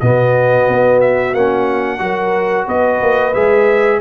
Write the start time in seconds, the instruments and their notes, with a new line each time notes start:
0.00 tuba B2, trombone B3, horn F#4, trumpet D#5
0.68 tuba B3
1.01 trumpet E5
1.34 tuba A#3, trombone C#4, trumpet F#5
1.99 tuba F#3, trombone F#4, horn A#4
2.66 tuba B3, horn B4, trumpet D#5
3.02 tuba A#3
3.34 tuba G#3, trombone G#4, trumpet E5